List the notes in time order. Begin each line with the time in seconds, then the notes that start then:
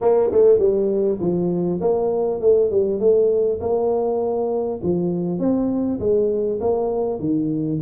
0.01 A#3
0.31 A3
0.58 G3
1.20 F3
1.80 A#3
2.40 A3
2.70 G3
2.99 A3
3.60 A#3
4.82 F3
5.39 C4
5.99 G#3
6.60 A#3
7.19 D#3